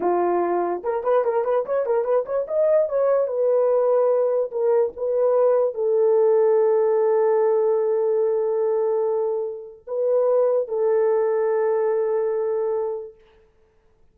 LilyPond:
\new Staff \with { instrumentName = "horn" } { \time 4/4 \tempo 4 = 146 f'2 ais'8 b'8 ais'8 b'8 | cis''8 ais'8 b'8 cis''8 dis''4 cis''4 | b'2. ais'4 | b'2 a'2~ |
a'1~ | a'1 | b'2 a'2~ | a'1 | }